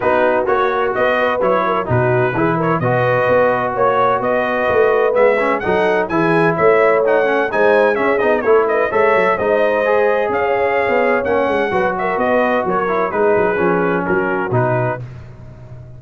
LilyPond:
<<
  \new Staff \with { instrumentName = "trumpet" } { \time 4/4 \tempo 4 = 128 b'4 cis''4 dis''4 cis''4 | b'4. cis''8 dis''2 | cis''4 dis''2 e''4 | fis''4 gis''4 e''4 fis''4 |
gis''4 e''8 dis''8 cis''8 dis''8 e''4 | dis''2 f''2 | fis''4. e''8 dis''4 cis''4 | b'2 ais'4 b'4 | }
  \new Staff \with { instrumentName = "horn" } { \time 4/4 fis'2~ fis'8 b'4 ais'8 | fis'4 gis'8 ais'8 b'2 | cis''4 b'2. | a'4 gis'4 cis''2 |
c''4 gis'4 a'8 b'8 cis''4 | c''2 cis''2~ | cis''4 b'8 ais'8 b'4 ais'4 | gis'2 fis'2 | }
  \new Staff \with { instrumentName = "trombone" } { \time 4/4 dis'4 fis'2 e'4 | dis'4 e'4 fis'2~ | fis'2. b8 cis'8 | dis'4 e'2 dis'8 cis'8 |
dis'4 cis'8 dis'8 e'4 a'4 | dis'4 gis'2. | cis'4 fis'2~ fis'8 e'8 | dis'4 cis'2 dis'4 | }
  \new Staff \with { instrumentName = "tuba" } { \time 4/4 b4 ais4 b4 fis4 | b,4 e4 b,4 b4 | ais4 b4 a4 gis4 | fis4 e4 a2 |
gis4 cis'8 b8 a4 gis8 fis8 | gis2 cis'4~ cis'16 b8. | ais8 gis8 fis4 b4 fis4 | gis8 fis8 f4 fis4 b,4 | }
>>